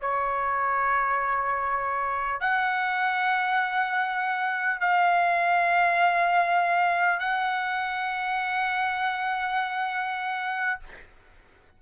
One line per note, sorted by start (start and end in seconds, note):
0.00 2.40 C#5
2.40 4.80 F#5
4.80 7.19 F5
7.19 10.79 F#5